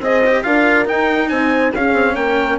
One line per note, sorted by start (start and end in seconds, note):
0.00 0.43 C4
0.00 0.23 G#4
0.00 0.45 C5
0.00 0.43 D#5
0.27 0.44 G4
0.43 0.88 D4
0.43 0.85 F4
0.43 1.29 A#4
0.43 0.86 F5
0.85 1.71 D#4
0.85 1.31 D#4
0.85 1.29 G5
1.29 1.74 C4
1.29 1.72 C5
1.29 1.72 G#5
1.74 1.93 C#4
1.74 2.59 C#4
1.74 2.14 G#4
1.74 2.15 F5
1.93 2.15 C4
2.14 2.58 A#3
2.14 2.57 A#4
2.14 2.58 G5